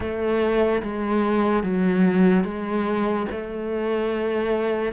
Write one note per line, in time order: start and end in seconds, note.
0.00 0.81 A3
0.82 1.63 G#3
1.63 2.44 F#3
2.44 3.26 G#3
3.31 4.92 A3